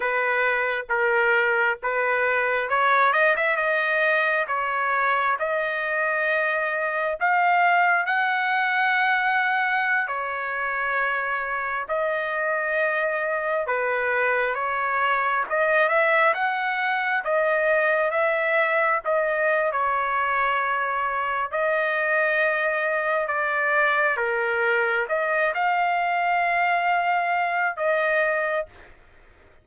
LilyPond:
\new Staff \with { instrumentName = "trumpet" } { \time 4/4 \tempo 4 = 67 b'4 ais'4 b'4 cis''8 dis''16 e''16 | dis''4 cis''4 dis''2 | f''4 fis''2~ fis''16 cis''8.~ | cis''4~ cis''16 dis''2 b'8.~ |
b'16 cis''4 dis''8 e''8 fis''4 dis''8.~ | dis''16 e''4 dis''8. cis''2 | dis''2 d''4 ais'4 | dis''8 f''2~ f''8 dis''4 | }